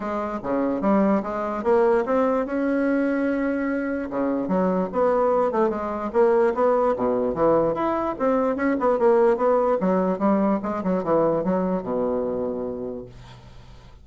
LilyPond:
\new Staff \with { instrumentName = "bassoon" } { \time 4/4 \tempo 4 = 147 gis4 cis4 g4 gis4 | ais4 c'4 cis'2~ | cis'2 cis4 fis4 | b4. a8 gis4 ais4 |
b4 b,4 e4 e'4 | c'4 cis'8 b8 ais4 b4 | fis4 g4 gis8 fis8 e4 | fis4 b,2. | }